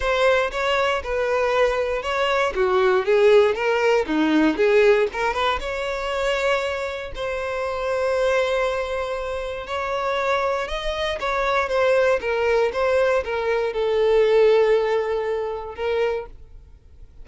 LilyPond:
\new Staff \with { instrumentName = "violin" } { \time 4/4 \tempo 4 = 118 c''4 cis''4 b'2 | cis''4 fis'4 gis'4 ais'4 | dis'4 gis'4 ais'8 b'8 cis''4~ | cis''2 c''2~ |
c''2. cis''4~ | cis''4 dis''4 cis''4 c''4 | ais'4 c''4 ais'4 a'4~ | a'2. ais'4 | }